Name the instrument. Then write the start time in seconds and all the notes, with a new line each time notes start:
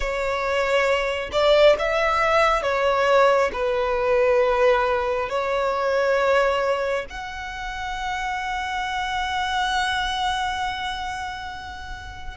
violin
0.00 C#5
1.32 D5
1.78 E5
2.62 C#5
3.53 B4
5.29 C#5
7.09 F#5